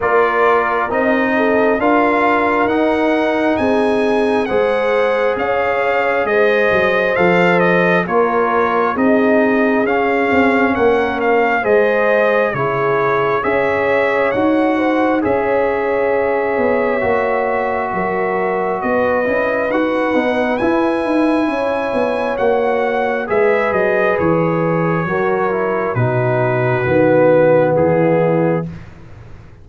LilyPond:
<<
  \new Staff \with { instrumentName = "trumpet" } { \time 4/4 \tempo 4 = 67 d''4 dis''4 f''4 fis''4 | gis''4 fis''4 f''4 dis''4 | f''8 dis''8 cis''4 dis''4 f''4 | fis''8 f''8 dis''4 cis''4 e''4 |
fis''4 e''2.~ | e''4 dis''4 fis''4 gis''4~ | gis''4 fis''4 e''8 dis''8 cis''4~ | cis''4 b'2 gis'4 | }
  \new Staff \with { instrumentName = "horn" } { \time 4/4 ais'4. a'8 ais'2 | gis'4 c''4 cis''4 c''4~ | c''4 ais'4 gis'2 | ais'4 c''4 gis'4 cis''4~ |
cis''8 c''8 cis''2. | ais'4 b'2. | cis''2 b'2 | ais'4 fis'2 e'4 | }
  \new Staff \with { instrumentName = "trombone" } { \time 4/4 f'4 dis'4 f'4 dis'4~ | dis'4 gis'2. | a'4 f'4 dis'4 cis'4~ | cis'4 gis'4 e'4 gis'4 |
fis'4 gis'2 fis'4~ | fis'4. e'8 fis'8 dis'8 e'4~ | e'4 fis'4 gis'2 | fis'8 e'8 dis'4 b2 | }
  \new Staff \with { instrumentName = "tuba" } { \time 4/4 ais4 c'4 d'4 dis'4 | c'4 gis4 cis'4 gis8 fis8 | f4 ais4 c'4 cis'8 c'8 | ais4 gis4 cis4 cis'4 |
dis'4 cis'4. b8 ais4 | fis4 b8 cis'8 dis'8 b8 e'8 dis'8 | cis'8 b8 ais4 gis8 fis8 e4 | fis4 b,4 dis4 e4 | }
>>